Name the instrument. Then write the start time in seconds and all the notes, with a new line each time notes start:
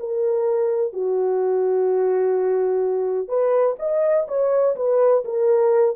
horn
0.00 A#4
0.94 F#4
3.29 B4
3.79 D#5
4.28 C#5
4.76 B4
5.25 A#4